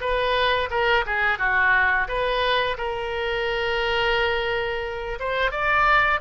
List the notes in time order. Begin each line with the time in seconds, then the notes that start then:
0.00 B4
0.70 A#4
1.06 G#4
1.38 F#4
2.08 B4
2.77 A#4
5.19 C5
5.51 D5